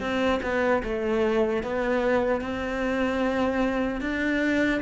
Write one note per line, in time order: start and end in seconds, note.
0.00 0.40 C4
0.42 0.82 B3
0.83 1.63 A3
1.63 2.41 B3
2.41 4.01 C4
4.01 4.81 D4